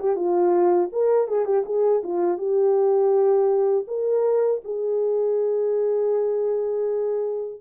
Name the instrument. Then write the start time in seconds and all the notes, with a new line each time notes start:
horn
0.00 G4
0.16 F4
0.92 A#4
1.28 G#4
1.45 G4
1.66 G#4
2.03 F4
2.38 G4
3.88 A#4
4.65 G#4